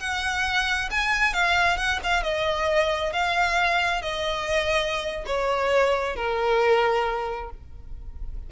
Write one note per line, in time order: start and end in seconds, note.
0.00 0.90 F#5
0.91 1.34 G#5
1.34 1.77 F5
1.77 2.00 F#5
2.04 2.23 F5
2.23 3.13 D#5
3.13 4.02 F5
4.02 5.25 D#5
5.26 6.16 C#5
6.16 7.50 A#4